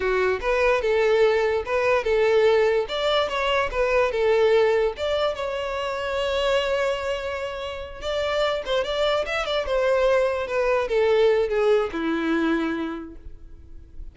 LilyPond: \new Staff \with { instrumentName = "violin" } { \time 4/4 \tempo 4 = 146 fis'4 b'4 a'2 | b'4 a'2 d''4 | cis''4 b'4 a'2 | d''4 cis''2.~ |
cis''2.~ cis''8 d''8~ | d''4 c''8 d''4 e''8 d''8 c''8~ | c''4. b'4 a'4. | gis'4 e'2. | }